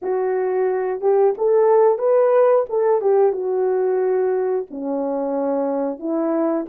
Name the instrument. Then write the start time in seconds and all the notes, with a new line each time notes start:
horn
0.02 F#4
1.00 G4
1.37 A4
1.98 B4
2.69 A4
3.01 G4
3.32 F#4
4.70 C#4
5.98 E4